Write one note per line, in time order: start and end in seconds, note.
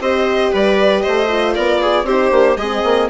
0.00 0.52 C4
0.00 1.28 G4
0.00 0.52 C5
0.00 0.54 D#5
0.52 1.05 G3
0.52 1.03 B4
0.52 1.02 D5
1.02 1.57 A3
1.02 1.55 C5
1.02 1.54 D#5
1.28 2.06 F4
1.55 2.04 B3
1.55 1.81 A#4
1.55 2.06 D5
1.81 2.07 G#4
2.04 2.30 C4
2.04 2.31 D#4
2.04 2.58 G4
2.04 2.57 C5
2.31 2.56 A#3
2.31 2.57 D4
2.56 2.82 G#3
2.56 3.10 C4
2.56 3.10 G#4
2.56 3.09 D#5
2.84 3.10 A#3